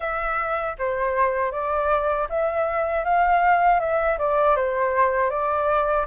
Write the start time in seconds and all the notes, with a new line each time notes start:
0.00 E5
0.78 C5
1.51 D5
2.29 E5
3.04 F5
3.80 E5
4.18 D5
4.56 C5
5.30 D5